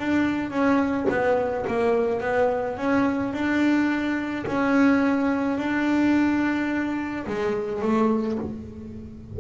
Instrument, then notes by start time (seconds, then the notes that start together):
double bass
0.00 D4
0.51 C#4
1.10 B3
1.68 A#3
2.21 B3
2.77 C#4
3.33 D4
4.47 C#4
5.58 D4
7.27 G#3
7.82 A3